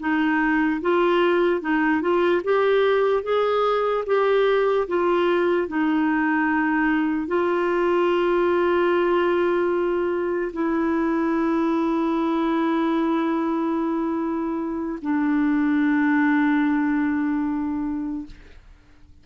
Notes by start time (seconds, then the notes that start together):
0.00 D#4
0.82 F4
1.61 D#4
2.02 F4
2.44 G4
3.23 G#4
4.07 G4
4.88 F4
5.68 D#4
7.28 F4
10.53 E4
15.02 D4